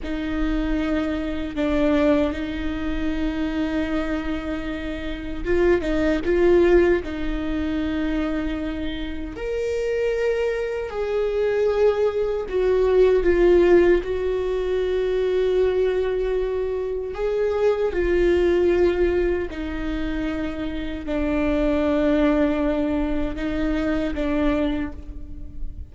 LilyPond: \new Staff \with { instrumentName = "viola" } { \time 4/4 \tempo 4 = 77 dis'2 d'4 dis'4~ | dis'2. f'8 dis'8 | f'4 dis'2. | ais'2 gis'2 |
fis'4 f'4 fis'2~ | fis'2 gis'4 f'4~ | f'4 dis'2 d'4~ | d'2 dis'4 d'4 | }